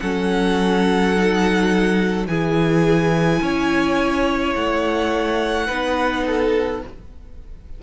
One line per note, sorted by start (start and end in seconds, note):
0.00 2.27 F#3
0.00 1.16 C#4
0.00 2.28 A4
0.00 2.26 F#5
1.16 2.29 D#4
2.27 3.40 E3
2.27 5.68 E4
2.27 3.42 G#4
2.27 4.53 G#5
3.41 4.54 C#4
3.41 5.67 C#5
4.55 5.68 A3
4.55 6.82 F#5
5.67 6.83 B3
5.67 6.81 D#4
5.67 6.23 B4
6.26 6.83 A4